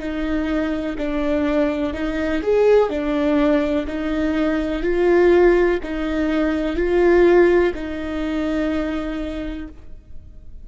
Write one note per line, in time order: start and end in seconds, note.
0.00 0.97 D#4
0.98 1.94 D4
1.94 2.42 D#4
2.43 2.90 G#4
2.90 3.87 D4
3.88 4.83 D#4
4.83 5.80 F4
5.83 6.77 D#4
6.77 7.73 F4
7.75 9.68 D#4